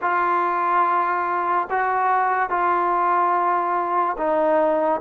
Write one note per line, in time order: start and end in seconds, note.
0.01 1.68 F4
1.70 2.49 F#4
2.49 4.16 F4
4.17 5.00 D#4